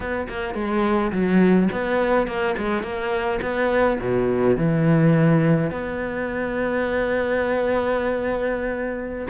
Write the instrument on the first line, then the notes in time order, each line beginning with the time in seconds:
cello
0.00 B3
0.28 A#3
0.54 G#3
1.11 F#3
1.72 B3
2.27 A#3
2.57 G#3
2.82 A#3
3.41 B3
3.99 B2
4.57 E3
5.70 B3